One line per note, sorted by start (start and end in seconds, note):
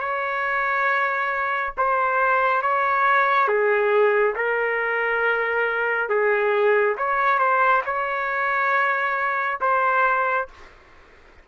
0.00 1.74 C#5
1.78 2.62 C5
2.62 3.48 C#5
3.48 4.35 G#4
4.36 6.10 A#4
6.10 6.97 G#4
6.98 7.39 C#5
7.39 7.83 C5
7.86 9.60 C#5
9.61 10.48 C5